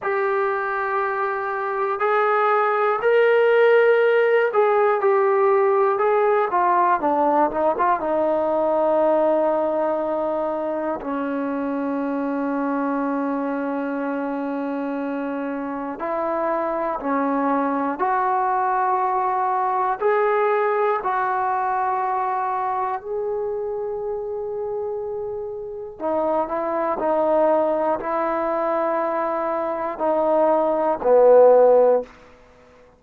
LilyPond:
\new Staff \with { instrumentName = "trombone" } { \time 4/4 \tempo 4 = 60 g'2 gis'4 ais'4~ | ais'8 gis'8 g'4 gis'8 f'8 d'8 dis'16 f'16 | dis'2. cis'4~ | cis'1 |
e'4 cis'4 fis'2 | gis'4 fis'2 gis'4~ | gis'2 dis'8 e'8 dis'4 | e'2 dis'4 b4 | }